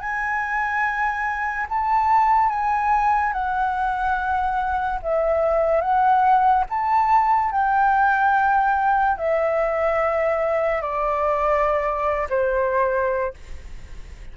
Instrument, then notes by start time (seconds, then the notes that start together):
flute
0.00 G#5
1.69 A5
2.50 G#5
3.33 F#5
5.02 E5
5.81 F#5
6.70 A5
7.52 G5
9.18 E5
10.82 D5
12.30 C5